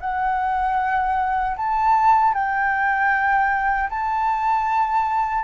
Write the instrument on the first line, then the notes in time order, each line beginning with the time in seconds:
flute
0.00 F#5
1.56 A5
2.33 G5
3.90 A5